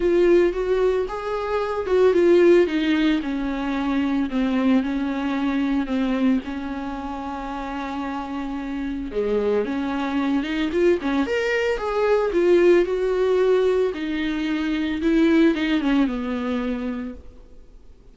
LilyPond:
\new Staff \with { instrumentName = "viola" } { \time 4/4 \tempo 4 = 112 f'4 fis'4 gis'4. fis'8 | f'4 dis'4 cis'2 | c'4 cis'2 c'4 | cis'1~ |
cis'4 gis4 cis'4. dis'8 | f'8 cis'8 ais'4 gis'4 f'4 | fis'2 dis'2 | e'4 dis'8 cis'8 b2 | }